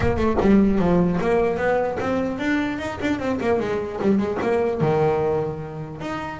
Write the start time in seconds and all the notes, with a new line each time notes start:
0.00 A#3
0.16 A3
0.41 G3
0.79 F3
1.20 A#3
1.57 B3
1.99 C4
2.38 D4
2.78 D#4
3.01 D4
3.19 C4
3.40 A#3
3.59 G#3
4.01 G3
4.18 G#3
4.41 A#3
4.80 D#3
6.00 D#4